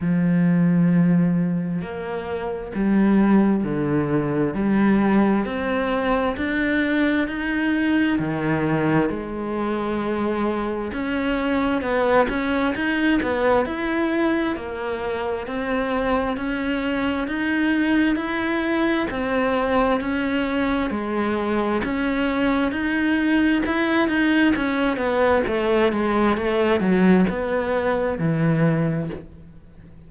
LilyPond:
\new Staff \with { instrumentName = "cello" } { \time 4/4 \tempo 4 = 66 f2 ais4 g4 | d4 g4 c'4 d'4 | dis'4 dis4 gis2 | cis'4 b8 cis'8 dis'8 b8 e'4 |
ais4 c'4 cis'4 dis'4 | e'4 c'4 cis'4 gis4 | cis'4 dis'4 e'8 dis'8 cis'8 b8 | a8 gis8 a8 fis8 b4 e4 | }